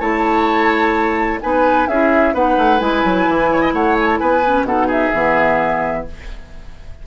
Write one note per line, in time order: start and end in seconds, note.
0.00 1.40 A3
0.00 1.40 E4
0.00 1.40 C#5
0.00 1.40 A5
1.41 1.88 B3
1.41 1.88 D#4
1.41 1.89 B4
1.41 1.88 G#5
1.88 2.34 C#4
1.88 2.34 E4
1.88 2.34 G#4
1.88 2.34 E5
2.34 2.57 B3
2.34 2.80 D#4
2.34 3.50 B4
2.34 2.79 F#5
2.57 2.80 A3
2.79 3.04 G#3
2.79 4.42 E4
2.79 3.72 G#5
3.04 3.28 F#3
3.28 3.73 E3
3.52 3.61 C#5
3.61 3.73 D#5
3.73 4.20 A3
3.73 4.20 C#5
3.73 3.97 F#5
3.99 4.06 G#5
4.06 4.18 A5
4.18 4.63 B3
4.18 4.66 B4
4.18 4.65 G#5
4.46 4.67 C#4
4.63 5.10 B2
4.63 5.14 D#4
4.63 4.87 A4
4.63 4.89 F#5
4.87 6.03 G#4
4.87 6.07 E5
5.14 6.07 E3
5.14 6.07 B3